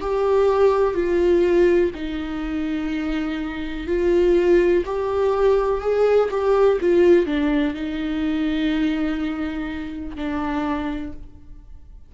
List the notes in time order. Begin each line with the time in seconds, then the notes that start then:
0.00 G4
0.94 F4
1.94 D#4
3.87 F4
4.85 G4
5.81 G#4
6.30 G4
6.80 F4
7.25 D4
7.74 D#4
10.16 D4